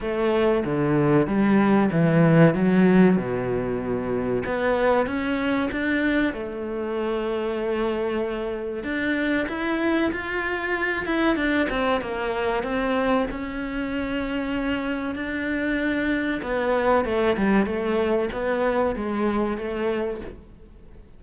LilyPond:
\new Staff \with { instrumentName = "cello" } { \time 4/4 \tempo 4 = 95 a4 d4 g4 e4 | fis4 b,2 b4 | cis'4 d'4 a2~ | a2 d'4 e'4 |
f'4. e'8 d'8 c'8 ais4 | c'4 cis'2. | d'2 b4 a8 g8 | a4 b4 gis4 a4 | }